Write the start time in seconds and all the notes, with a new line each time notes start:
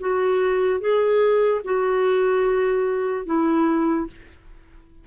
0.00 F#4
0.80 G#4
1.64 F#4
3.26 E4